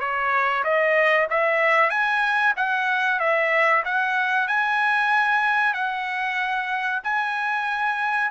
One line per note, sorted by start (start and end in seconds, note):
0.00 0.64 C#5
0.64 1.28 D#5
1.30 1.90 E5
1.90 2.54 G#5
2.56 3.20 F#5
3.20 3.84 E5
3.85 4.48 F#5
4.48 5.74 G#5
5.74 7.01 F#5
7.04 8.31 G#5